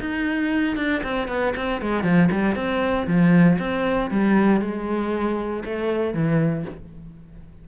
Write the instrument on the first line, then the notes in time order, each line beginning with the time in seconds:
cello
0.00 D#4
0.77 D4
1.03 C4
1.28 B3
1.56 C4
1.81 G#3
2.03 F3
2.31 G3
2.55 C4
3.07 F3
3.59 C4
4.10 G3
4.61 G#3
5.65 A3
6.14 E3